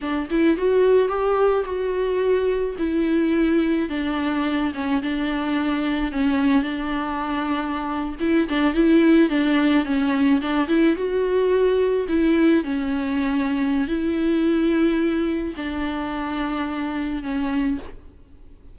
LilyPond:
\new Staff \with { instrumentName = "viola" } { \time 4/4 \tempo 4 = 108 d'8 e'8 fis'4 g'4 fis'4~ | fis'4 e'2 d'4~ | d'8 cis'8 d'2 cis'4 | d'2~ d'8. e'8 d'8 e'16~ |
e'8. d'4 cis'4 d'8 e'8 fis'16~ | fis'4.~ fis'16 e'4 cis'4~ cis'16~ | cis'4 e'2. | d'2. cis'4 | }